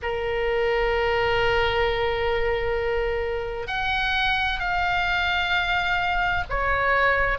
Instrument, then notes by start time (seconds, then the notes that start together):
oboe
0.02 A#4
3.67 F#5
4.59 F5
6.49 C#5